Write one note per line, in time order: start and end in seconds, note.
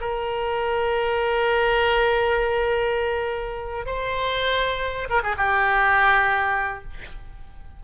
0.00 3.86 A#4
3.86 5.08 C5
5.09 5.21 A#4
5.23 5.35 G#4
5.37 6.83 G4